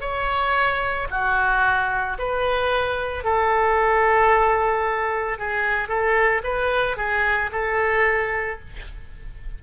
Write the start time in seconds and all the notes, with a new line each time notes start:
0.00 C#5
1.10 F#4
2.18 B4
3.23 A4
5.38 G#4
5.88 A4
6.43 B4
6.96 G#4
7.51 A4